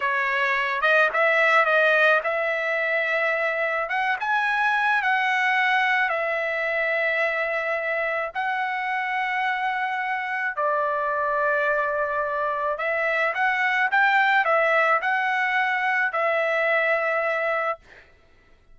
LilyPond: \new Staff \with { instrumentName = "trumpet" } { \time 4/4 \tempo 4 = 108 cis''4. dis''8 e''4 dis''4 | e''2. fis''8 gis''8~ | gis''4 fis''2 e''4~ | e''2. fis''4~ |
fis''2. d''4~ | d''2. e''4 | fis''4 g''4 e''4 fis''4~ | fis''4 e''2. | }